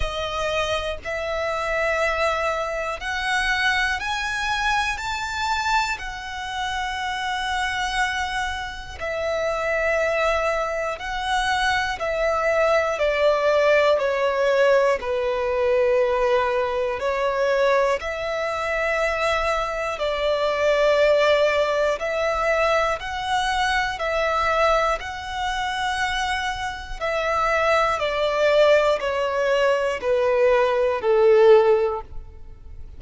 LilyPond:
\new Staff \with { instrumentName = "violin" } { \time 4/4 \tempo 4 = 60 dis''4 e''2 fis''4 | gis''4 a''4 fis''2~ | fis''4 e''2 fis''4 | e''4 d''4 cis''4 b'4~ |
b'4 cis''4 e''2 | d''2 e''4 fis''4 | e''4 fis''2 e''4 | d''4 cis''4 b'4 a'4 | }